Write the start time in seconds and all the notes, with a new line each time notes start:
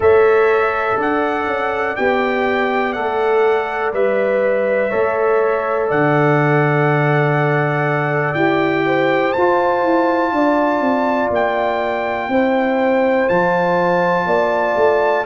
0.00 A3 A4 C#5 E5
0.97 D4 D5 F#5
1.46 C#4
1.96 B3 G4 G5
2.92 A3 A4 F#5
3.93 G3 B4 E5
4.89 A3 A4 C#5
5.88 D3 D5 F#5
8.34 E4 G4 G5
8.85 C5
9.32 F4 A5
9.83 E4
10.32 D4 D5
10.80 C4
11.30 A#3 G5
12.28 C4 E4 C5
13.28 F3 F4 A5
14.25 A#3 D5
14.76 A3